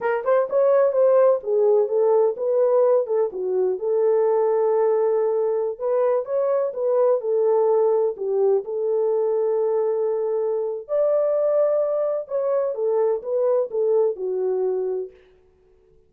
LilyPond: \new Staff \with { instrumentName = "horn" } { \time 4/4 \tempo 4 = 127 ais'8 c''8 cis''4 c''4 gis'4 | a'4 b'4. a'8 fis'4 | a'1~ | a'16 b'4 cis''4 b'4 a'8.~ |
a'4~ a'16 g'4 a'4.~ a'16~ | a'2. d''4~ | d''2 cis''4 a'4 | b'4 a'4 fis'2 | }